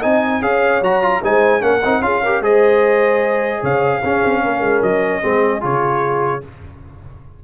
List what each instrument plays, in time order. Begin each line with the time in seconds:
0.00 tuba C4, trombone D#4, horn D#5, trumpet G#5
0.42 tuba C#4, trombone G#4, horn C#5, trumpet F5
0.82 tuba F#3, trombone F#4, trumpet A#5
1.02 trombone F4
1.24 tuba G#3, trombone D#4, horn C5, trumpet G#5
1.61 tuba A#3, trombone C#4, horn A#4, trumpet F#5
1.85 tuba C4, trombone D#4
2.01 tuba C#4, trombone F4, horn G#4, trumpet F5
2.23 trombone G4, horn A#4
2.41 tuba G#3, trombone G#4, horn C5, trumpet D#5
3.62 tuba C#3, horn C#5, trumpet F5
4.03 tuba C#4, trombone C#4, horn G#4
4.24 tuba C4
4.43 tuba A#3, horn A#4
4.61 tuba G#3
4.83 tuba F#3, trumpet D#5
5.22 tuba G#3, trombone C4, horn G#4
5.61 tuba C#3, trombone F4, trumpet C#5